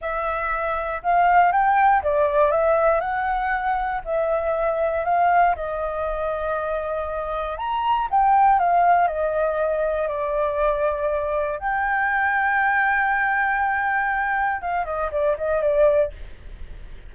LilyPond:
\new Staff \with { instrumentName = "flute" } { \time 4/4 \tempo 4 = 119 e''2 f''4 g''4 | d''4 e''4 fis''2 | e''2 f''4 dis''4~ | dis''2. ais''4 |
g''4 f''4 dis''2 | d''2. g''4~ | g''1~ | g''4 f''8 dis''8 d''8 dis''8 d''4 | }